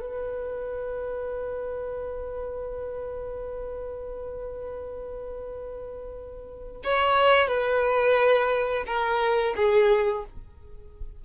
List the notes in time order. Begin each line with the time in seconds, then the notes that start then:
0.00 B4
6.84 C#5
7.48 B4
8.86 A#4
9.56 G#4